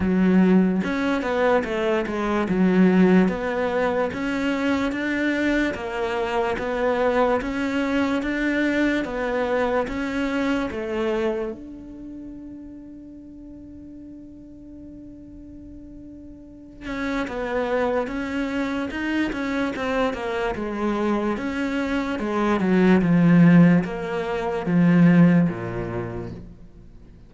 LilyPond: \new Staff \with { instrumentName = "cello" } { \time 4/4 \tempo 4 = 73 fis4 cis'8 b8 a8 gis8 fis4 | b4 cis'4 d'4 ais4 | b4 cis'4 d'4 b4 | cis'4 a4 d'2~ |
d'1~ | d'8 cis'8 b4 cis'4 dis'8 cis'8 | c'8 ais8 gis4 cis'4 gis8 fis8 | f4 ais4 f4 ais,4 | }